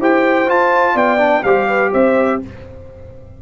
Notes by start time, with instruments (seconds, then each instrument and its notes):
0.00 tuba E4, trombone G4, horn C5, trumpet G5
0.47 trombone F4, tuba F4, trumpet A5
0.94 tuba B3, horn D5, trumpet G5
1.19 trombone D4
1.43 tuba G3, trombone G4, horn C5, trumpet F5
1.68 horn B4
1.93 tuba C4, horn C5, trumpet E5